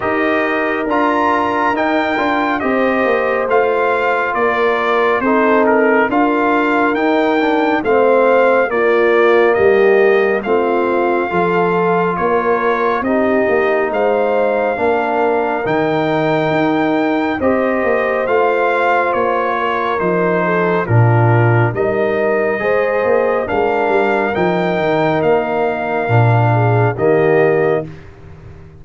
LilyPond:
<<
  \new Staff \with { instrumentName = "trumpet" } { \time 4/4 \tempo 4 = 69 dis''4 ais''4 g''4 dis''4 | f''4 d''4 c''8 ais'8 f''4 | g''4 f''4 d''4 dis''4 | f''2 cis''4 dis''4 |
f''2 g''2 | dis''4 f''4 cis''4 c''4 | ais'4 dis''2 f''4 | g''4 f''2 dis''4 | }
  \new Staff \with { instrumentName = "horn" } { \time 4/4 ais'2. c''4~ | c''4 ais'4 a'4 ais'4~ | ais'4 c''4 f'4 g'4 | f'4 a'4 ais'4 g'4 |
c''4 ais'2. | c''2~ c''8 ais'4 a'8 | f'4 ais'4 c''4 ais'4~ | ais'2~ ais'8 gis'8 g'4 | }
  \new Staff \with { instrumentName = "trombone" } { \time 4/4 g'4 f'4 dis'8 f'8 g'4 | f'2 dis'4 f'4 | dis'8 d'8 c'4 ais2 | c'4 f'2 dis'4~ |
dis'4 d'4 dis'2 | g'4 f'2 dis'4 | d'4 dis'4 gis'4 d'4 | dis'2 d'4 ais4 | }
  \new Staff \with { instrumentName = "tuba" } { \time 4/4 dis'4 d'4 dis'8 d'8 c'8 ais8 | a4 ais4 c'4 d'4 | dis'4 a4 ais4 g4 | a4 f4 ais4 c'8 ais8 |
gis4 ais4 dis4 dis'4 | c'8 ais8 a4 ais4 f4 | ais,4 g4 gis8 ais8 gis8 g8 | f8 dis8 ais4 ais,4 dis4 | }
>>